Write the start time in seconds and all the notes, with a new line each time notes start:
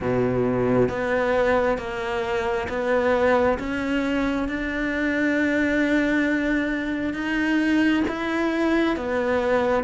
0.00 B2
0.88 B3
1.78 A#3
2.69 B3
3.59 C#4
4.48 D4
7.13 D#4
8.08 E4
8.96 B3